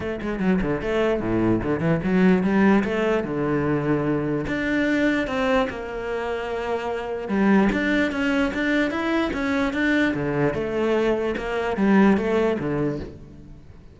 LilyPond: \new Staff \with { instrumentName = "cello" } { \time 4/4 \tempo 4 = 148 a8 gis8 fis8 d8 a4 a,4 | d8 e8 fis4 g4 a4 | d2. d'4~ | d'4 c'4 ais2~ |
ais2 g4 d'4 | cis'4 d'4 e'4 cis'4 | d'4 d4 a2 | ais4 g4 a4 d4 | }